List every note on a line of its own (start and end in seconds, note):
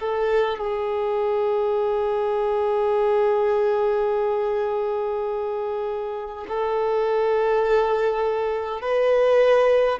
0.00 0.58 A4
0.58 6.47 G#4
6.49 8.82 A4
8.82 9.99 B4